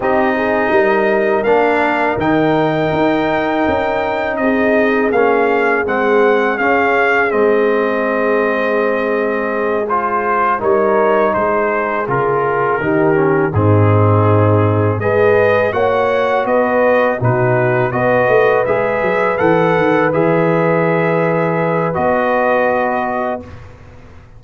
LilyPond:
<<
  \new Staff \with { instrumentName = "trumpet" } { \time 4/4 \tempo 4 = 82 dis''2 f''4 g''4~ | g''2 dis''4 f''4 | fis''4 f''4 dis''2~ | dis''4. c''4 cis''4 c''8~ |
c''8 ais'2 gis'4.~ | gis'8 dis''4 fis''4 dis''4 b'8~ | b'8 dis''4 e''4 fis''4 e''8~ | e''2 dis''2 | }
  \new Staff \with { instrumentName = "horn" } { \time 4/4 g'8 gis'8 ais'2.~ | ais'2 gis'2~ | gis'1~ | gis'2~ gis'8 ais'4 gis'8~ |
gis'4. g'4 dis'4.~ | dis'8 b'4 cis''4 b'4 fis'8~ | fis'8 b'2.~ b'8~ | b'1 | }
  \new Staff \with { instrumentName = "trombone" } { \time 4/4 dis'2 d'4 dis'4~ | dis'2. cis'4 | c'4 cis'4 c'2~ | c'4. f'4 dis'4.~ |
dis'8 f'4 dis'8 cis'8 c'4.~ | c'8 gis'4 fis'2 dis'8~ | dis'8 fis'4 gis'4 a'4 gis'8~ | gis'2 fis'2 | }
  \new Staff \with { instrumentName = "tuba" } { \time 4/4 c'4 g4 ais4 dis4 | dis'4 cis'4 c'4 ais4 | gis4 cis'4 gis2~ | gis2~ gis8 g4 gis8~ |
gis8 cis4 dis4 gis,4.~ | gis,8 gis4 ais4 b4 b,8~ | b,8 b8 a8 gis8 fis8 e8 dis8 e8~ | e2 b2 | }
>>